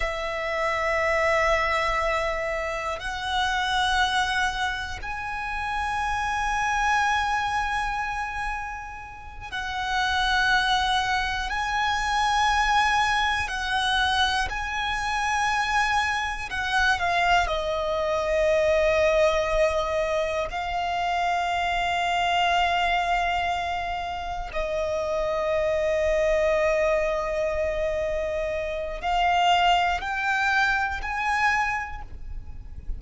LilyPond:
\new Staff \with { instrumentName = "violin" } { \time 4/4 \tempo 4 = 60 e''2. fis''4~ | fis''4 gis''2.~ | gis''4. fis''2 gis''8~ | gis''4. fis''4 gis''4.~ |
gis''8 fis''8 f''8 dis''2~ dis''8~ | dis''8 f''2.~ f''8~ | f''8 dis''2.~ dis''8~ | dis''4 f''4 g''4 gis''4 | }